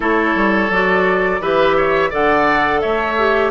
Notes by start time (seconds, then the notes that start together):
0.00 A3 E4 A4 C#5
0.35 G3
0.70 F#3 F#4 D5
1.40 E3 G4 B4 E5
1.76 C#5
2.09 D3 A4 D5 F#5
2.80 A3 C#5 E5
3.18 G4